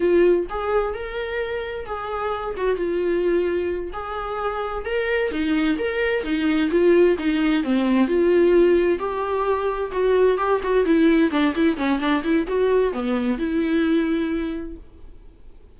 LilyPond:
\new Staff \with { instrumentName = "viola" } { \time 4/4 \tempo 4 = 130 f'4 gis'4 ais'2 | gis'4. fis'8 f'2~ | f'8 gis'2 ais'4 dis'8~ | dis'8 ais'4 dis'4 f'4 dis'8~ |
dis'8 c'4 f'2 g'8~ | g'4. fis'4 g'8 fis'8 e'8~ | e'8 d'8 e'8 cis'8 d'8 e'8 fis'4 | b4 e'2. | }